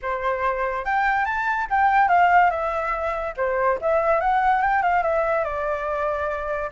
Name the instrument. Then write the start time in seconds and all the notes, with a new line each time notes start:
flute
0.02 C5
0.84 G5
1.25 A5
1.70 G5
2.08 F5
2.50 E5
3.37 C5
3.81 E5
4.20 F#5
4.61 G5
4.82 F5
5.02 E5
5.44 D5